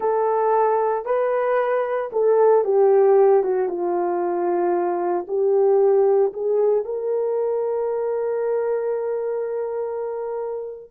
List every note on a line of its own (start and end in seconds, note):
0.00 1.05 A4
1.05 2.10 B4
2.12 2.64 A4
2.64 3.43 G4
3.43 3.68 F#4
3.68 5.26 F4
5.27 6.33 G4
6.33 6.84 G#4
6.84 10.91 A#4